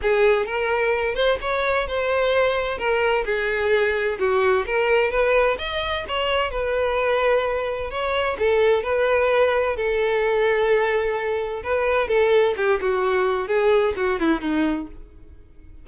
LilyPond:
\new Staff \with { instrumentName = "violin" } { \time 4/4 \tempo 4 = 129 gis'4 ais'4. c''8 cis''4 | c''2 ais'4 gis'4~ | gis'4 fis'4 ais'4 b'4 | dis''4 cis''4 b'2~ |
b'4 cis''4 a'4 b'4~ | b'4 a'2.~ | a'4 b'4 a'4 g'8 fis'8~ | fis'4 gis'4 fis'8 e'8 dis'4 | }